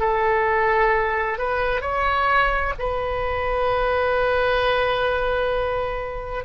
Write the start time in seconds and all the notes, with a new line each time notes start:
0.00 A4
1.38 B4
1.81 C#5
2.79 B4